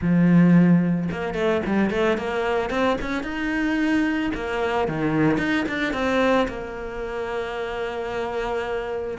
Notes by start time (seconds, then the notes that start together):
0.01 F3
1.11 A#3
1.34 A3
1.66 G3
1.90 A3
2.17 A#3
2.70 C4
3.01 C#4
3.23 D#4
4.34 A#3
4.87 D#3
5.37 D#4
5.68 D4
5.93 C4
6.47 A#3